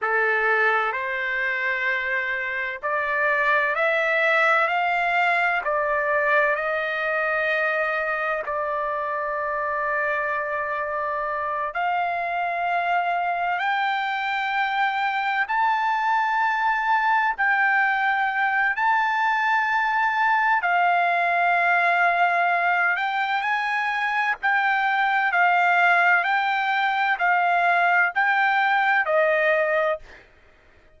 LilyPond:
\new Staff \with { instrumentName = "trumpet" } { \time 4/4 \tempo 4 = 64 a'4 c''2 d''4 | e''4 f''4 d''4 dis''4~ | dis''4 d''2.~ | d''8 f''2 g''4.~ |
g''8 a''2 g''4. | a''2 f''2~ | f''8 g''8 gis''4 g''4 f''4 | g''4 f''4 g''4 dis''4 | }